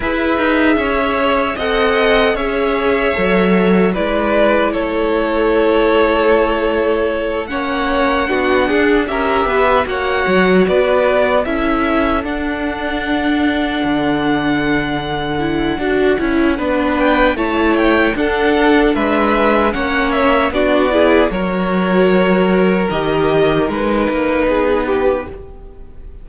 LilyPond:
<<
  \new Staff \with { instrumentName = "violin" } { \time 4/4 \tempo 4 = 76 e''2 fis''4 e''4~ | e''4 d''4 cis''2~ | cis''4. fis''2 e''8~ | e''8 fis''4 d''4 e''4 fis''8~ |
fis''1~ | fis''4. g''8 a''8 g''8 fis''4 | e''4 fis''8 e''8 d''4 cis''4~ | cis''4 dis''4 b'2 | }
  \new Staff \with { instrumentName = "violin" } { \time 4/4 b'4 cis''4 dis''4 cis''4~ | cis''4 b'4 a'2~ | a'4. cis''4 fis'8 gis'8 ais'8 | b'8 cis''4 b'4 a'4.~ |
a'1~ | a'4 b'4 cis''4 a'4 | b'4 cis''4 fis'8 gis'8 ais'4~ | ais'2. gis'8 g'8 | }
  \new Staff \with { instrumentName = "viola" } { \time 4/4 gis'2 a'4 gis'4 | a'4 e'2.~ | e'4. cis'4 d'4 g'8~ | g'8 fis'2 e'4 d'8~ |
d'2.~ d'8 e'8 | fis'8 e'8 d'4 e'4 d'4~ | d'4 cis'4 d'8 e'8 fis'4~ | fis'4 g'4 dis'2 | }
  \new Staff \with { instrumentName = "cello" } { \time 4/4 e'8 dis'8 cis'4 c'4 cis'4 | fis4 gis4 a2~ | a4. ais4 b8 d'8 cis'8 | b8 ais8 fis8 b4 cis'4 d'8~ |
d'4. d2~ d8 | d'8 cis'8 b4 a4 d'4 | gis4 ais4 b4 fis4~ | fis4 dis4 gis8 ais8 b4 | }
>>